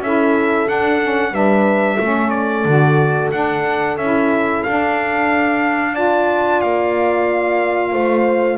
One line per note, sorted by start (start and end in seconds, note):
0.00 0.66 C#4
0.00 0.67 E4
0.00 1.33 A4
0.00 0.68 E5
0.67 1.00 D4
0.67 1.31 D4
0.67 1.34 F#5
1.02 1.32 C#4
1.31 1.97 G3
1.31 1.98 D4
1.31 1.98 B4
1.31 2.30 E5
1.98 2.65 A3
1.98 2.67 C#4
1.98 5.93 A4
2.30 3.29 D5
2.65 3.31 D3
2.65 3.32 F#4
3.31 3.98 D4
3.31 3.97 D4
3.31 3.97 F#5
3.97 4.63 C#4
3.97 4.67 E4
3.97 4.63 E5
4.63 5.94 D4
4.63 6.63 D4
4.63 5.95 F5
5.93 8.58 F4
5.93 7.91 D5
5.93 6.61 A5
6.61 7.93 A#3
6.61 8.58 F5
7.92 8.58 A3
7.92 8.58 C5